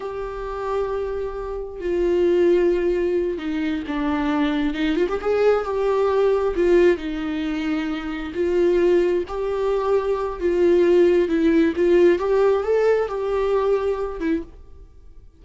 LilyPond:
\new Staff \with { instrumentName = "viola" } { \time 4/4 \tempo 4 = 133 g'1 | f'2.~ f'8 dis'8~ | dis'8 d'2 dis'8 f'16 g'16 gis'8~ | gis'8 g'2 f'4 dis'8~ |
dis'2~ dis'8 f'4.~ | f'8 g'2~ g'8 f'4~ | f'4 e'4 f'4 g'4 | a'4 g'2~ g'8 e'8 | }